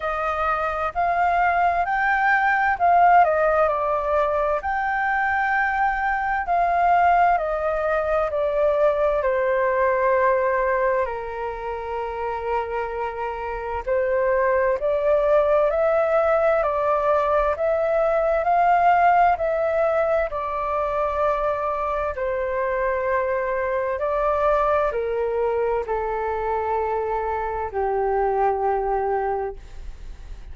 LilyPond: \new Staff \with { instrumentName = "flute" } { \time 4/4 \tempo 4 = 65 dis''4 f''4 g''4 f''8 dis''8 | d''4 g''2 f''4 | dis''4 d''4 c''2 | ais'2. c''4 |
d''4 e''4 d''4 e''4 | f''4 e''4 d''2 | c''2 d''4 ais'4 | a'2 g'2 | }